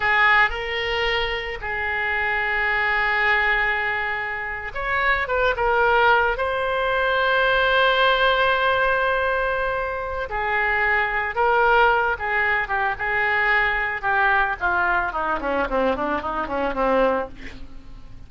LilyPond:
\new Staff \with { instrumentName = "oboe" } { \time 4/4 \tempo 4 = 111 gis'4 ais'2 gis'4~ | gis'1~ | gis'8. cis''4 b'8 ais'4. c''16~ | c''1~ |
c''2. gis'4~ | gis'4 ais'4. gis'4 g'8 | gis'2 g'4 f'4 | dis'8 cis'8 c'8 d'8 dis'8 cis'8 c'4 | }